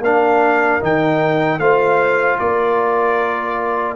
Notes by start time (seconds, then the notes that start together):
0.00 A#3 D4 A#4 F5
0.81 D#3 D#4 G5
1.59 A3 F4 C5 F5
2.39 A#3 A#4 D5